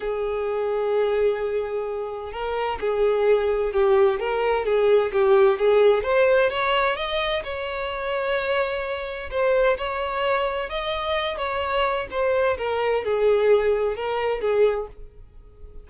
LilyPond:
\new Staff \with { instrumentName = "violin" } { \time 4/4 \tempo 4 = 129 gis'1~ | gis'4 ais'4 gis'2 | g'4 ais'4 gis'4 g'4 | gis'4 c''4 cis''4 dis''4 |
cis''1 | c''4 cis''2 dis''4~ | dis''8 cis''4. c''4 ais'4 | gis'2 ais'4 gis'4 | }